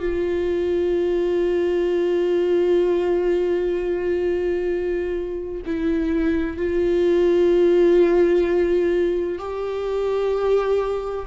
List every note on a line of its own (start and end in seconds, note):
0.00 5.62 F4
5.66 6.58 E4
6.58 9.39 F4
9.39 11.26 G4